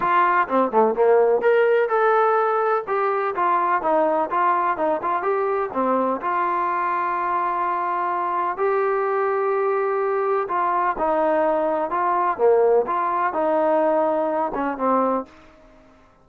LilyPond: \new Staff \with { instrumentName = "trombone" } { \time 4/4 \tempo 4 = 126 f'4 c'8 a8 ais4 ais'4 | a'2 g'4 f'4 | dis'4 f'4 dis'8 f'8 g'4 | c'4 f'2.~ |
f'2 g'2~ | g'2 f'4 dis'4~ | dis'4 f'4 ais4 f'4 | dis'2~ dis'8 cis'8 c'4 | }